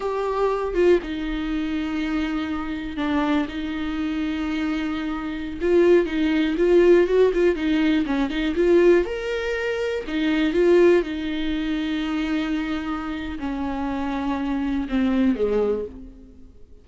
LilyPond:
\new Staff \with { instrumentName = "viola" } { \time 4/4 \tempo 4 = 121 g'4. f'8 dis'2~ | dis'2 d'4 dis'4~ | dis'2.~ dis'16 f'8.~ | f'16 dis'4 f'4 fis'8 f'8 dis'8.~ |
dis'16 cis'8 dis'8 f'4 ais'4.~ ais'16~ | ais'16 dis'4 f'4 dis'4.~ dis'16~ | dis'2. cis'4~ | cis'2 c'4 gis4 | }